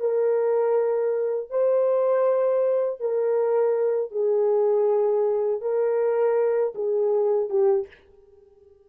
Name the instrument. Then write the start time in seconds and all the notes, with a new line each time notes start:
horn
0.00 A#4
1.50 C5
3.00 A#4
4.11 G#4
5.61 A#4
6.75 G#4
7.49 G4